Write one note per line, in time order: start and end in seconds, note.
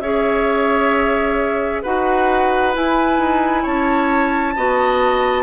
0.00 1.82 C#4
0.00 1.84 G#4
0.00 1.82 C#5
0.00 1.82 E5
1.82 2.76 D#4
1.82 2.73 F#4
1.82 3.62 B4
1.82 2.74 F#5
2.73 4.55 E4
2.73 3.18 E4
2.73 3.66 G#5
3.18 3.64 D#4
3.62 4.56 C#4
3.62 4.53 C#5
3.62 5.43 A5
4.56 5.43 B3
4.56 5.43 F#4
4.56 5.43 D#5